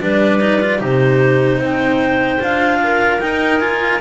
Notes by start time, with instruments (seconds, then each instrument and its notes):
0.00 double bass G3, cello D4, clarinet B4 D5
0.40 cello D#4
0.61 cello F4
0.78 double bass C3, cello D#4, clarinet G4 C5
1.57 double bass C4, clarinet C5
1.64 clarinet G5
2.39 double bass D4, cello F4, clarinet F5
2.83 clarinet A#4
3.20 cello D#4, double bass D#4, clarinet G5
3.59 cello F4, clarinet G#5